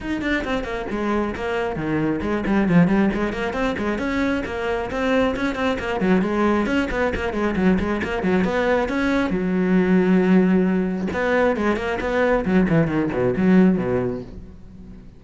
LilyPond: \new Staff \with { instrumentName = "cello" } { \time 4/4 \tempo 4 = 135 dis'8 d'8 c'8 ais8 gis4 ais4 | dis4 gis8 g8 f8 g8 gis8 ais8 | c'8 gis8 cis'4 ais4 c'4 | cis'8 c'8 ais8 fis8 gis4 cis'8 b8 |
ais8 gis8 fis8 gis8 ais8 fis8 b4 | cis'4 fis2.~ | fis4 b4 gis8 ais8 b4 | fis8 e8 dis8 b,8 fis4 b,4 | }